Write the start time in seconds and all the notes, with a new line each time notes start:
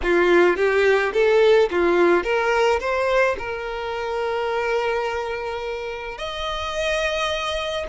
0.02 F4
0.56 G4
1.13 A4
1.71 F4
2.23 A#4
2.80 C5
3.38 A#4
6.17 D#5